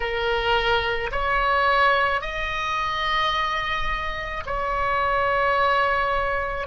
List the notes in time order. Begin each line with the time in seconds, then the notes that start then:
0.00 A#4
1.11 C#5
2.21 D#5
4.45 C#5